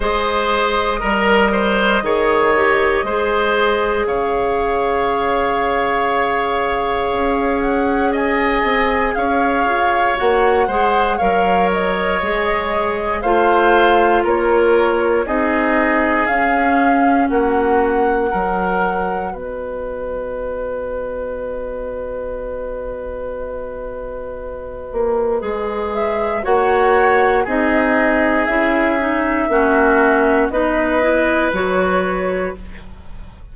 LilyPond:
<<
  \new Staff \with { instrumentName = "flute" } { \time 4/4 \tempo 4 = 59 dis''1 | f''2.~ f''8 fis''8 | gis''4 f''4 fis''4 f''8 dis''8~ | dis''4 f''4 cis''4 dis''4 |
f''4 fis''2 dis''4~ | dis''1~ | dis''4. e''8 fis''4 dis''4 | e''2 dis''4 cis''4 | }
  \new Staff \with { instrumentName = "oboe" } { \time 4/4 c''4 ais'8 c''8 cis''4 c''4 | cis''1 | dis''4 cis''4. c''8 cis''4~ | cis''4 c''4 ais'4 gis'4~ |
gis'4 fis'4 ais'4 b'4~ | b'1~ | b'2 cis''4 gis'4~ | gis'4 fis'4 b'2 | }
  \new Staff \with { instrumentName = "clarinet" } { \time 4/4 gis'4 ais'4 gis'8 g'8 gis'4~ | gis'1~ | gis'2 fis'8 gis'8 ais'4 | gis'4 f'2 dis'4 |
cis'2 fis'2~ | fis'1~ | fis'4 gis'4 fis'4 dis'4 | e'8 dis'8 cis'4 dis'8 e'8 fis'4 | }
  \new Staff \with { instrumentName = "bassoon" } { \time 4/4 gis4 g4 dis4 gis4 | cis2. cis'4~ | cis'8 c'8 cis'8 f'8 ais8 gis8 fis4 | gis4 a4 ais4 c'4 |
cis'4 ais4 fis4 b4~ | b1~ | b8 ais8 gis4 ais4 c'4 | cis'4 ais4 b4 fis4 | }
>>